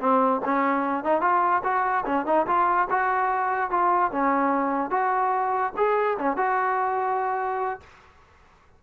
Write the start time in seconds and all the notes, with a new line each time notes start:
0.00 C4
0.45 C#4
1.04 D#4
1.21 F4
1.64 F#4
2.06 C#4
2.26 D#4
2.47 F4
2.90 F#4
3.71 F4
4.12 C#4
4.91 F#4
5.77 G#4
6.19 C#4
6.37 F#4